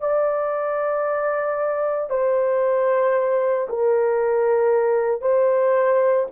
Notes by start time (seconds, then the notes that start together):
0.00 D5
2.10 C5
3.69 A#4
5.21 C5